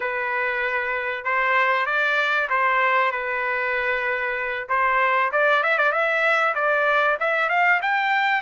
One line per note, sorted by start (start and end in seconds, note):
0.00 1.24 B4
1.24 1.86 C5
1.86 2.48 D5
2.49 3.11 C5
3.11 4.67 B4
4.68 5.31 C5
5.32 5.62 D5
5.62 5.78 E5
5.78 5.92 D5
5.92 6.54 E5
6.55 7.17 D5
7.19 7.49 E5
7.49 7.80 F5
7.82 8.41 G5